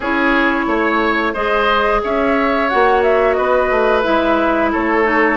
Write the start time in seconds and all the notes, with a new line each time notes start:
0.00 C#4 E4 G#4 C#5
0.66 A3 C#5
1.33 G#3 G#4 C5 D#5
2.03 C#4 C#5 E5
2.68 A#3 F#4 F#5
3.03 E5
3.33 B3 B4 D#5
3.70 A3
4.03 G#3 E4 E5
4.72 A3 A4 C#5
5.04 D#4